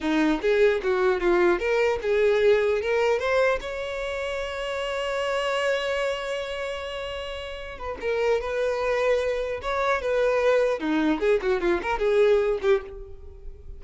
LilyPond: \new Staff \with { instrumentName = "violin" } { \time 4/4 \tempo 4 = 150 dis'4 gis'4 fis'4 f'4 | ais'4 gis'2 ais'4 | c''4 cis''2.~ | cis''1~ |
cis''2.~ cis''8 b'8 | ais'4 b'2. | cis''4 b'2 dis'4 | gis'8 fis'8 f'8 ais'8 gis'4. g'8 | }